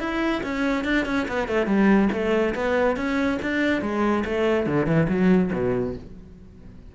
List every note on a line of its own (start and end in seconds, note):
0.00 0.42 E4
0.44 0.85 C#4
0.85 1.06 D4
1.06 1.27 C#4
1.28 1.48 B3
1.48 1.67 A3
1.67 2.09 G3
2.12 2.55 A3
2.55 2.97 B3
2.97 3.39 C#4
3.42 3.82 D4
3.82 4.24 G#3
4.25 4.67 A3
4.67 4.86 D3
4.86 5.08 E3
5.09 5.51 F#3
5.53 5.95 B2